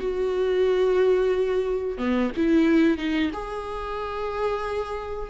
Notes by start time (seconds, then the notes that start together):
0.00 F#4
1.98 B3
2.36 E4
2.98 D#4
3.34 G#4